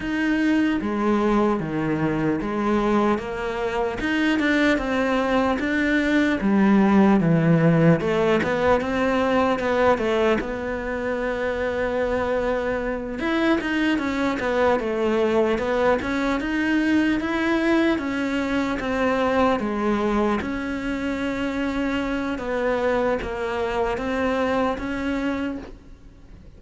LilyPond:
\new Staff \with { instrumentName = "cello" } { \time 4/4 \tempo 4 = 75 dis'4 gis4 dis4 gis4 | ais4 dis'8 d'8 c'4 d'4 | g4 e4 a8 b8 c'4 | b8 a8 b2.~ |
b8 e'8 dis'8 cis'8 b8 a4 b8 | cis'8 dis'4 e'4 cis'4 c'8~ | c'8 gis4 cis'2~ cis'8 | b4 ais4 c'4 cis'4 | }